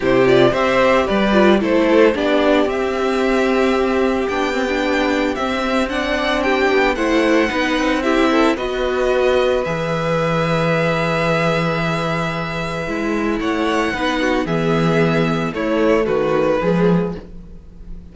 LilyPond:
<<
  \new Staff \with { instrumentName = "violin" } { \time 4/4 \tempo 4 = 112 c''8 d''8 e''4 d''4 c''4 | d''4 e''2. | g''2 e''4 fis''4 | g''4 fis''2 e''4 |
dis''2 e''2~ | e''1~ | e''4 fis''2 e''4~ | e''4 cis''4 b'2 | }
  \new Staff \with { instrumentName = "violin" } { \time 4/4 g'4 c''4 b'4 a'4 | g'1~ | g'2. d''4 | g'4 c''4 b'4 g'8 a'8 |
b'1~ | b'1~ | b'4 cis''4 b'8 fis'8 gis'4~ | gis'4 e'4 fis'4 gis'4 | }
  \new Staff \with { instrumentName = "viola" } { \time 4/4 e'8 f'8 g'4. f'8 e'4 | d'4 c'2. | d'8 c'16 d'4~ d'16 c'4 d'4~ | d'4 e'4 dis'4 e'4 |
fis'2 gis'2~ | gis'1 | e'2 dis'4 b4~ | b4 a2 gis4 | }
  \new Staff \with { instrumentName = "cello" } { \time 4/4 c4 c'4 g4 a4 | b4 c'2. | b2 c'2~ | c'8 b8 a4 b8 c'4. |
b2 e2~ | e1 | gis4 a4 b4 e4~ | e4 a4 dis4 f4 | }
>>